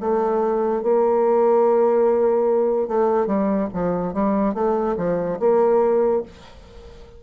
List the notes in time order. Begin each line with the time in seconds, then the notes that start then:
0.00 A3
0.82 A#3
2.87 A3
3.26 G3
3.73 F3
4.14 G3
4.54 A3
4.97 F3
5.39 A#3